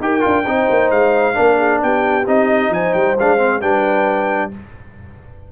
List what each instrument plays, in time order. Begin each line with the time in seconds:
0.00 tuba D#4, trombone G4, horn A#4, trumpet G5
0.20 tuba D4, trombone F4
0.46 tuba C4, trombone D#4, horn C5
0.70 tuba A#3
0.91 tuba G#3, trumpet F5
1.34 tuba A#3, trombone D4, horn A#4
1.57 horn G#4
1.82 tuba B3, horn G4, trumpet G5
2.27 tuba C4, trombone D#4, trumpet D#5
2.70 tuba F3, horn C5, trumpet G#5
2.94 tuba G3, trumpet G5
3.19 tuba G#3, trombone D4, trumpet F5
3.38 trombone C4
3.61 tuba G3, trombone D4, horn B4, trumpet G5